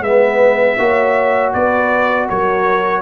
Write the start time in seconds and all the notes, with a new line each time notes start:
0.00 G#3 B3 B4 E5
0.78 A#3 F#4 C#5
1.53 B3 B4 D5
2.28 F#3 A#4 C#5